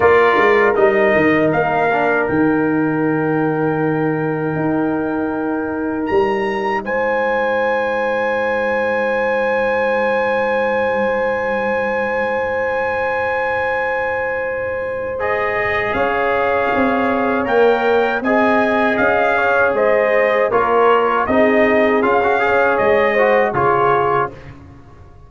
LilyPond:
<<
  \new Staff \with { instrumentName = "trumpet" } { \time 4/4 \tempo 4 = 79 d''4 dis''4 f''4 g''4~ | g''1 | ais''4 gis''2.~ | gis''1~ |
gis''1 | dis''4 f''2 g''4 | gis''4 f''4 dis''4 cis''4 | dis''4 f''4 dis''4 cis''4 | }
  \new Staff \with { instrumentName = "horn" } { \time 4/4 ais'1~ | ais'1~ | ais'4 c''2.~ | c''1~ |
c''1~ | c''4 cis''2. | dis''4. cis''8 c''4 ais'4 | gis'4. cis''4 c''8 gis'4 | }
  \new Staff \with { instrumentName = "trombone" } { \time 4/4 f'4 dis'4. d'8 dis'4~ | dis'1~ | dis'1~ | dis'1~ |
dis'1 | gis'2. ais'4 | gis'2. f'4 | dis'4 f'16 fis'16 gis'4 fis'8 f'4 | }
  \new Staff \with { instrumentName = "tuba" } { \time 4/4 ais8 gis8 g8 dis8 ais4 dis4~ | dis2 dis'2 | g4 gis2.~ | gis1~ |
gis1~ | gis4 cis'4 c'4 ais4 | c'4 cis'4 gis4 ais4 | c'4 cis'4 gis4 cis4 | }
>>